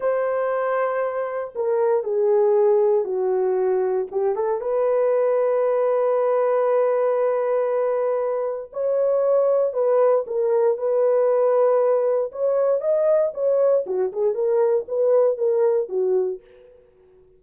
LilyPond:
\new Staff \with { instrumentName = "horn" } { \time 4/4 \tempo 4 = 117 c''2. ais'4 | gis'2 fis'2 | g'8 a'8 b'2.~ | b'1~ |
b'4 cis''2 b'4 | ais'4 b'2. | cis''4 dis''4 cis''4 fis'8 gis'8 | ais'4 b'4 ais'4 fis'4 | }